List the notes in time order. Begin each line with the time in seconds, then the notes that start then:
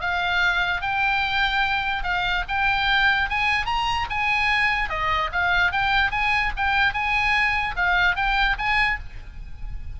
0.00 F5
0.81 G5
2.03 F5
2.48 G5
3.29 G#5
3.65 A#5
4.09 G#5
4.89 D#5
5.32 F5
5.71 G5
6.11 G#5
6.56 G5
6.93 G#5
7.76 F5
8.15 G5
8.58 G#5